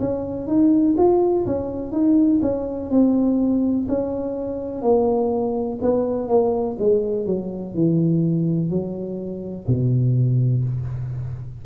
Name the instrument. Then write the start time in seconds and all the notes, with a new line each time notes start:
tuba
0.00 C#4
0.47 D#4
0.98 F4
1.46 C#4
1.92 D#4
2.42 C#4
2.90 C4
3.89 C#4
4.82 A#3
5.82 B3
6.29 A#3
6.79 G#3
7.26 F#3
7.75 E3
8.70 F#3
9.68 B2